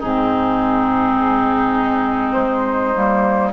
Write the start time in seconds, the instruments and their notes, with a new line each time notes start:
0.00 bassoon G#2, clarinet C4, oboe D#4, flute G#4
2.33 bassoon G#3, flute C5
2.95 bassoon G3, clarinet A#3